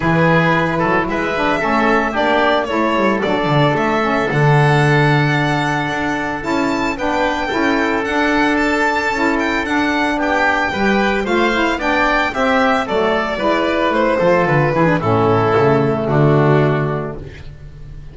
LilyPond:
<<
  \new Staff \with { instrumentName = "violin" } { \time 4/4 \tempo 4 = 112 b'2 e''2 | d''4 cis''4 d''4 e''4 | fis''1 | a''4 g''2 fis''4 |
a''4. g''8 fis''4 g''4~ | g''4 f''4 g''4 e''4 | d''2 c''4 b'4 | a'2 fis'2 | }
  \new Staff \with { instrumentName = "oboe" } { \time 4/4 gis'4. a'8 b'4 a'4 | g'4 a'2.~ | a'1~ | a'4 b'4 a'2~ |
a'2. g'4 | b'4 c''4 d''4 g'4 | a'4 b'4. a'4 gis'8 | e'2 d'2 | }
  \new Staff \with { instrumentName = "saxophone" } { \time 4/4 e'2~ e'8 d'8 cis'4 | d'4 e'4 d'4. cis'8 | d'1 | e'4 d'4 e'4 d'4~ |
d'4 e'4 d'2 | g'4 f'8 e'8 d'4 c'4 | a4 e'4. f'4 e'16 d'16 | cis'4 a2. | }
  \new Staff \with { instrumentName = "double bass" } { \time 4/4 e4. fis8 gis4 a4 | ais4 a8 g8 fis8 d8 a4 | d2. d'4 | cis'4 b4 cis'4 d'4~ |
d'4 cis'4 d'4 b4 | g4 a4 b4 c'4 | fis4 gis4 a8 f8 d8 e8 | a,4 cis4 d2 | }
>>